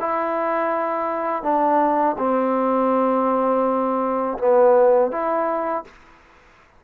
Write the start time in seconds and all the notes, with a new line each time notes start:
0.00 E4
1.43 D4
2.19 C4
4.38 B3
5.12 E4